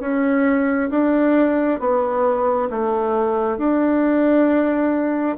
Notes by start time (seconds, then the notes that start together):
0.00 C#4
0.90 D4
1.80 B3
2.70 A3
3.57 D4